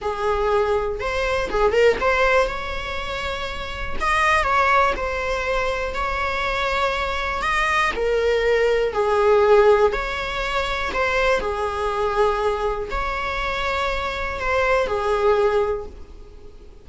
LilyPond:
\new Staff \with { instrumentName = "viola" } { \time 4/4 \tempo 4 = 121 gis'2 c''4 gis'8 ais'8 | c''4 cis''2. | dis''4 cis''4 c''2 | cis''2. dis''4 |
ais'2 gis'2 | cis''2 c''4 gis'4~ | gis'2 cis''2~ | cis''4 c''4 gis'2 | }